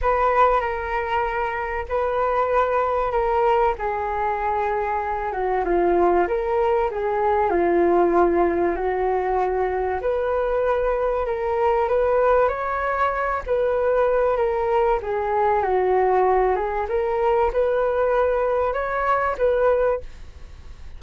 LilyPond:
\new Staff \with { instrumentName = "flute" } { \time 4/4 \tempo 4 = 96 b'4 ais'2 b'4~ | b'4 ais'4 gis'2~ | gis'8 fis'8 f'4 ais'4 gis'4 | f'2 fis'2 |
b'2 ais'4 b'4 | cis''4. b'4. ais'4 | gis'4 fis'4. gis'8 ais'4 | b'2 cis''4 b'4 | }